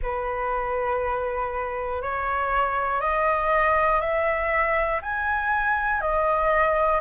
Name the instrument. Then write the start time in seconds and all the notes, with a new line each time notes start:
flute
0.02 B4
2.01 C#5
3.00 D#5
4.00 E5
5.01 G#5
6.00 D#5